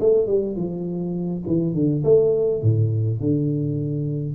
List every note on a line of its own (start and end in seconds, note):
0.00 0.27 A3
0.27 0.56 G3
0.56 1.43 F3
1.46 1.74 E3
1.74 2.03 D3
2.04 2.62 A3
2.62 3.20 A2
3.20 4.35 D3